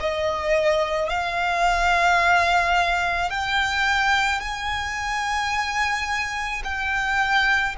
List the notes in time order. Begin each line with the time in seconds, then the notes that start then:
0.00 D#5
1.09 F5
3.30 G5
4.40 G#5
6.64 G5